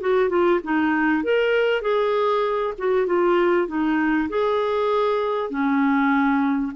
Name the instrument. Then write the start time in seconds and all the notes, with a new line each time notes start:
clarinet
0.00 F#4
0.29 F4
0.63 D#4
1.23 A#4
1.81 G#4
2.78 F#4
3.06 F4
3.67 D#4
4.29 G#4
5.50 C#4